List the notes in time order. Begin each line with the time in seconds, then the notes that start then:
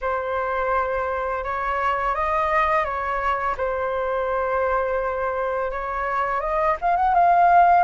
0.01 C5
1.44 C#5
2.14 D#5
2.84 C#5
3.57 C5
5.71 C#5
6.40 D#5
6.81 F5
6.96 F#5
7.14 F5